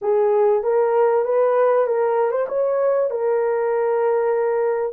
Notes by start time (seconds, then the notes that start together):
0.01 G#4
0.63 A#4
1.25 B4
1.86 A#4
2.31 C5
2.48 C#5
3.10 A#4